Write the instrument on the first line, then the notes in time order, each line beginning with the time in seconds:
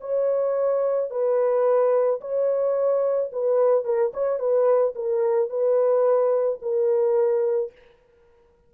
horn
0.00 C#5
1.10 B4
2.20 C#5
3.32 B4
3.84 A#4
4.13 C#5
4.39 B4
4.95 A#4
5.49 B4
6.62 A#4